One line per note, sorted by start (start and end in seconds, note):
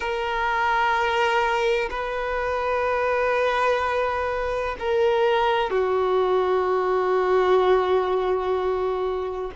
0.00 1.89 A#4
1.90 4.76 B4
4.79 5.70 A#4
5.70 9.51 F#4